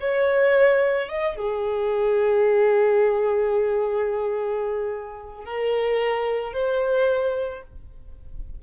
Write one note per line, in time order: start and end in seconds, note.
0.00 1.08 C#5
1.08 1.35 D#5
1.35 5.44 G#4
5.44 6.53 A#4
6.53 7.62 C5